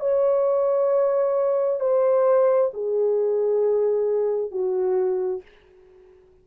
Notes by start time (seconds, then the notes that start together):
0.00 C#5
1.80 C5
2.74 G#4
4.51 F#4